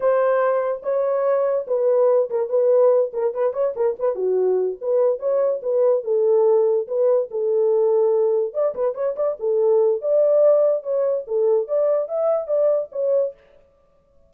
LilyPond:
\new Staff \with { instrumentName = "horn" } { \time 4/4 \tempo 4 = 144 c''2 cis''2 | b'4. ais'8 b'4. ais'8 | b'8 cis''8 ais'8 b'8 fis'4. b'8~ | b'8 cis''4 b'4 a'4.~ |
a'8 b'4 a'2~ a'8~ | a'8 d''8 b'8 cis''8 d''8 a'4. | d''2 cis''4 a'4 | d''4 e''4 d''4 cis''4 | }